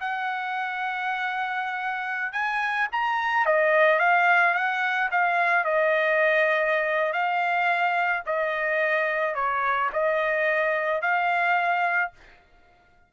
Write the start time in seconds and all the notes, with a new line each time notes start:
0.00 F#5
2.32 G#5
2.92 A#5
3.46 D#5
3.99 F5
4.54 F#5
5.11 F5
5.65 D#5
7.13 F5
8.26 D#5
9.35 C#5
9.93 D#5
11.02 F5